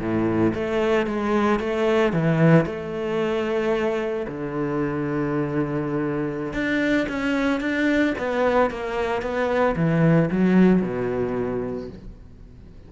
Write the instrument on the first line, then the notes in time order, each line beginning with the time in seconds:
cello
0.00 A2
0.55 A3
1.07 G#3
1.60 A3
2.13 E3
2.66 A3
4.28 D3
6.53 D4
7.09 C#4
7.61 D4
8.18 B3
8.71 A#3
9.22 B3
9.76 E3
10.31 F#3
10.82 B2